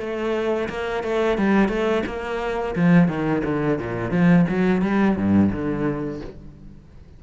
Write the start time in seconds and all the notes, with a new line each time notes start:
0.00 A3
0.69 A#3
1.04 A3
1.38 G3
1.69 A3
2.07 A#3
2.76 F3
3.08 D#3
3.45 D3
3.79 A#2
4.12 F3
4.49 F#3
4.82 G3
5.17 G2
5.52 D3